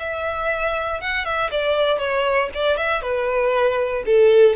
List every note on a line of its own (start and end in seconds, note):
0.00 1.01 E5
1.01 1.25 F#5
1.25 1.51 E5
1.51 1.99 D5
1.99 2.50 C#5
2.55 2.78 D5
2.78 3.02 E5
3.02 4.04 B4
4.06 4.56 A4